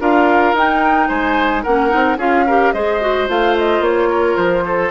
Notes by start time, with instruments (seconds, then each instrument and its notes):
0.00 bassoon D4, clarinet F4, oboe A#4, flute F5
0.53 bassoon D#4, clarinet D#4, flute G5
1.08 bassoon G#3, oboe C5, flute G#5
1.63 bassoon A#3, clarinet C#4, oboe A#4, flute F#5
1.89 bassoon C4, clarinet D#4
2.17 bassoon C#4, clarinet F4, oboe G#4, flute F5
2.47 clarinet G4, oboe A#4
2.73 bassoon G#3, clarinet G#4, oboe C5, flute D#5
3.01 clarinet F#4
3.28 bassoon A3, clarinet F4, flute F5
3.58 flute D#5
3.80 bassoon A#3, flute C#5
4.09 oboe A#4
4.36 bassoon F3, flute C5
4.65 oboe A4